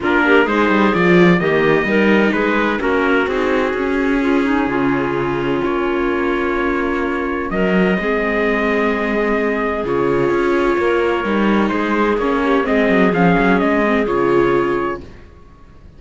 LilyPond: <<
  \new Staff \with { instrumentName = "trumpet" } { \time 4/4 \tempo 4 = 128 ais'4 c''4 d''4 dis''4~ | dis''4 b'4 ais'4 gis'4~ | gis'1 | cis''1 |
dis''1~ | dis''4 cis''2.~ | cis''4 c''4 cis''4 dis''4 | f''4 dis''4 cis''2 | }
  \new Staff \with { instrumentName = "clarinet" } { \time 4/4 f'8 g'8 gis'2 g'4 | ais'4 gis'4 fis'2~ | fis'4 f'8 dis'8 f'2~ | f'1 |
ais'4 gis'2.~ | gis'2. ais'4~ | ais'4 gis'4. g'8 gis'4~ | gis'1 | }
  \new Staff \with { instrumentName = "viola" } { \time 4/4 d'4 dis'4 f'4 ais4 | dis'2 cis'4 dis'4 | cis'1~ | cis'1~ |
cis'4 c'2.~ | c'4 f'2. | dis'2 cis'4 c'4 | cis'4. c'8 f'2 | }
  \new Staff \with { instrumentName = "cello" } { \time 4/4 ais4 gis8 g8 f4 dis4 | g4 gis4 ais4 c'4 | cis'2 cis2 | ais1 |
fis4 gis2.~ | gis4 cis4 cis'4 ais4 | g4 gis4 ais4 gis8 fis8 | f8 fis8 gis4 cis2 | }
>>